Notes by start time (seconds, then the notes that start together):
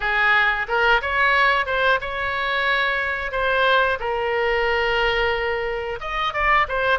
0.00 G#4
0.68 A#4
1.01 C#5
1.66 C5
2.00 C#5
3.32 C5
3.99 A#4
6.00 D#5
6.33 D5
6.68 C5